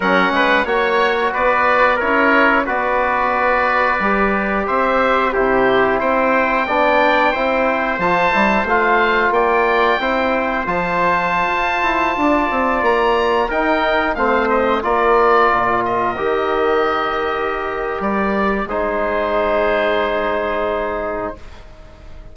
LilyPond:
<<
  \new Staff \with { instrumentName = "oboe" } { \time 4/4 \tempo 4 = 90 fis''4 cis''4 d''4 cis''4 | d''2. e''4 | c''4 g''2. | a''4 f''4 g''2 |
a''2.~ a''16 ais''8.~ | ais''16 g''4 f''8 dis''8 d''4. dis''16~ | dis''2. d''4 | c''1 | }
  \new Staff \with { instrumentName = "trumpet" } { \time 4/4 ais'8 b'8 cis''4 b'4 ais'4 | b'2. c''4 | g'4 c''4 d''4 c''4~ | c''2 d''4 c''4~ |
c''2~ c''16 d''4.~ d''16~ | d''16 ais'4 c''4 ais'4.~ ais'16~ | ais'1 | gis'1 | }
  \new Staff \with { instrumentName = "trombone" } { \time 4/4 cis'4 fis'2 e'4 | fis'2 g'2 | e'2 d'4 e'4 | f'8 e'8 f'2 e'4 |
f'1~ | f'16 dis'4 c'4 f'4.~ f'16~ | f'16 g'2.~ g'8. | dis'1 | }
  \new Staff \with { instrumentName = "bassoon" } { \time 4/4 fis8 gis8 ais4 b4 cis'4 | b2 g4 c'4 | c4 c'4 b4 c'4 | f8 g8 a4 ais4 c'4 |
f4~ f16 f'8 e'8 d'8 c'8 ais8.~ | ais16 dis'4 a4 ais4 ais,8.~ | ais,16 dis2~ dis8. g4 | gis1 | }
>>